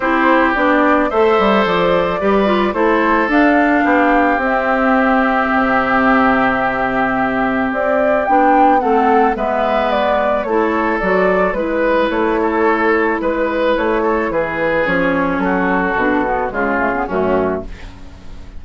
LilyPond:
<<
  \new Staff \with { instrumentName = "flute" } { \time 4/4 \tempo 4 = 109 c''4 d''4 e''4 d''4~ | d''4 c''4 f''2 | e''1~ | e''2 d''4 g''4 |
fis''4 e''4 d''4 cis''4 | d''4 b'4 cis''2 | b'4 cis''4 b'4 cis''4 | a'2 gis'4 fis'4 | }
  \new Staff \with { instrumentName = "oboe" } { \time 4/4 g'2 c''2 | b'4 a'2 g'4~ | g'1~ | g'1 |
a'4 b'2 a'4~ | a'4 b'4. a'4. | b'4. a'8 gis'2 | fis'2 f'4 cis'4 | }
  \new Staff \with { instrumentName = "clarinet" } { \time 4/4 e'4 d'4 a'2 | g'8 f'8 e'4 d'2 | c'1~ | c'2. d'4 |
c'4 b2 e'4 | fis'4 e'2.~ | e'2. cis'4~ | cis'4 d'8 b8 gis8 a16 b16 a4 | }
  \new Staff \with { instrumentName = "bassoon" } { \time 4/4 c'4 b4 a8 g8 f4 | g4 a4 d'4 b4 | c'2 c2~ | c2 c'4 b4 |
a4 gis2 a4 | fis4 gis4 a2 | gis4 a4 e4 f4 | fis4 b,4 cis4 fis,4 | }
>>